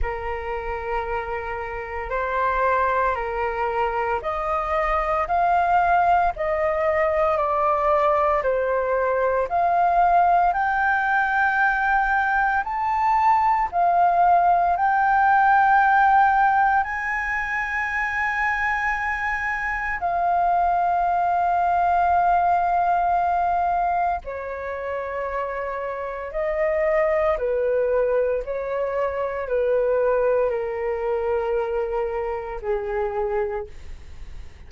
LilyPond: \new Staff \with { instrumentName = "flute" } { \time 4/4 \tempo 4 = 57 ais'2 c''4 ais'4 | dis''4 f''4 dis''4 d''4 | c''4 f''4 g''2 | a''4 f''4 g''2 |
gis''2. f''4~ | f''2. cis''4~ | cis''4 dis''4 b'4 cis''4 | b'4 ais'2 gis'4 | }